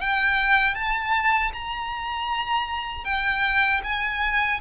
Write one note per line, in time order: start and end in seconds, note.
0.00 0.74 G5
0.74 1.51 A5
1.53 3.04 A#5
3.04 3.81 G5
3.83 4.60 G#5